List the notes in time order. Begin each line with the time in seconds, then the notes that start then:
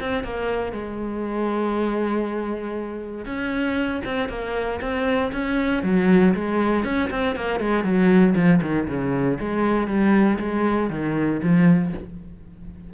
0.00 C4
0.24 A#3
0.72 G#3
3.25 C#4
4.04 C4
4.29 A#3
4.81 C4
5.32 C#4
5.83 F#3
6.34 G#3
6.84 C#4
7.10 C4
7.35 A#3
7.60 G#3
7.84 F#3
8.35 F3
8.61 D#3
8.88 C#3
9.40 G#3
9.87 G3
10.38 G#3
10.90 D#3
11.42 F3